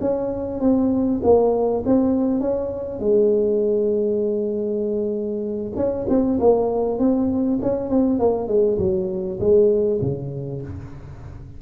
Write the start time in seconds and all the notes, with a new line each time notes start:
0.00 C#4
0.60 C4
1.23 A#3
1.85 C4
2.40 C#4
2.99 G#3
5.75 C#4
6.08 C4
6.39 A#3
6.98 C4
7.61 C#4
7.89 C4
8.19 A#3
8.47 G#3
8.78 F#3
9.40 G#3
10.01 C#3